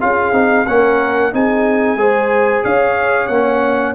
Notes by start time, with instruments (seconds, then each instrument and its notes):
0.00 tuba C#4, trombone F4, horn G#4, trumpet F5
0.32 tuba C4, trombone D#4
0.66 tuba A#3, trombone C#4, horn A#4, trumpet F#5
1.32 tuba C4, trombone D#4, horn G#4, trumpet G#5
1.96 tuba G#3, trombone G#4, horn C5
2.64 tuba C#4, horn C#5, trumpet F5
3.27 tuba A#3, trombone C#4, trumpet F#5